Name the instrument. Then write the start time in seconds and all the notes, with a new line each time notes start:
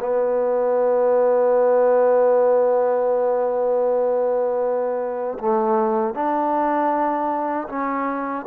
trombone
0.00 B3
5.39 A3
6.14 D4
7.69 C#4